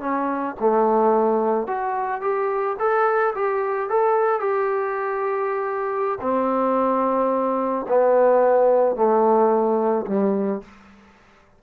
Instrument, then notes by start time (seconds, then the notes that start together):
trombone
0.00 C#4
0.60 A3
1.67 F#4
2.21 G4
2.79 A4
3.35 G4
3.90 A4
4.40 G4
6.21 C4
7.88 B3
8.96 A3
10.06 G3